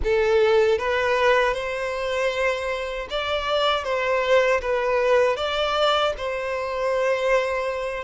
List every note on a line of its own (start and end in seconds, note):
0.03 0.78 A4
0.78 1.54 B4
1.54 3.08 C5
3.10 3.84 D5
3.84 4.60 C5
4.61 5.36 B4
5.36 6.13 D5
6.17 8.04 C5